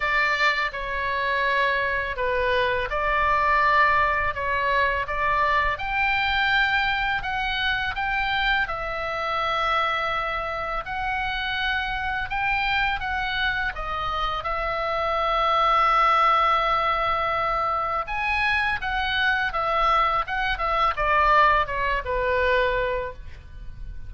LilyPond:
\new Staff \with { instrumentName = "oboe" } { \time 4/4 \tempo 4 = 83 d''4 cis''2 b'4 | d''2 cis''4 d''4 | g''2 fis''4 g''4 | e''2. fis''4~ |
fis''4 g''4 fis''4 dis''4 | e''1~ | e''4 gis''4 fis''4 e''4 | fis''8 e''8 d''4 cis''8 b'4. | }